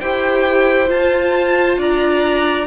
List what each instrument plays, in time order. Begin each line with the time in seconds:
0.00 cello E4, viola G4, violin C5 G5
0.87 viola F4, cello F4, violin A5
1.77 cello D4, violin D5 A#5